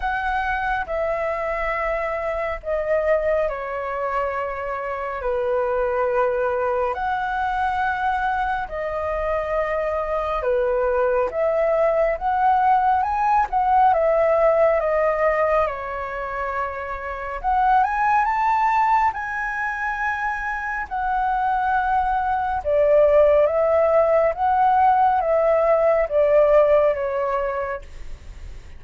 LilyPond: \new Staff \with { instrumentName = "flute" } { \time 4/4 \tempo 4 = 69 fis''4 e''2 dis''4 | cis''2 b'2 | fis''2 dis''2 | b'4 e''4 fis''4 gis''8 fis''8 |
e''4 dis''4 cis''2 | fis''8 gis''8 a''4 gis''2 | fis''2 d''4 e''4 | fis''4 e''4 d''4 cis''4 | }